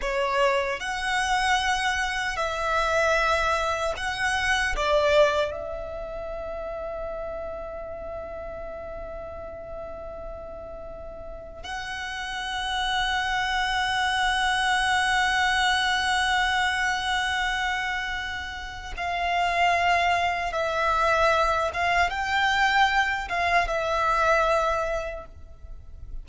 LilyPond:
\new Staff \with { instrumentName = "violin" } { \time 4/4 \tempo 4 = 76 cis''4 fis''2 e''4~ | e''4 fis''4 d''4 e''4~ | e''1~ | e''2~ e''8. fis''4~ fis''16~ |
fis''1~ | fis''1 | f''2 e''4. f''8 | g''4. f''8 e''2 | }